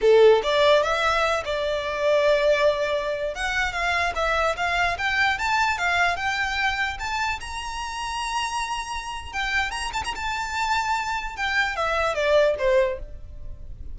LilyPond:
\new Staff \with { instrumentName = "violin" } { \time 4/4 \tempo 4 = 148 a'4 d''4 e''4. d''8~ | d''1~ | d''16 fis''4 f''4 e''4 f''8.~ | f''16 g''4 a''4 f''4 g''8.~ |
g''4~ g''16 a''4 ais''4.~ ais''16~ | ais''2. g''4 | ais''8 a''16 ais''16 a''2. | g''4 e''4 d''4 c''4 | }